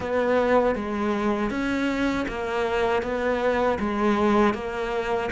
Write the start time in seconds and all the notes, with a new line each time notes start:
0.00 B3
0.75 G#3
1.50 C#4
2.28 A#3
3.02 B3
3.79 G#3
4.54 A#3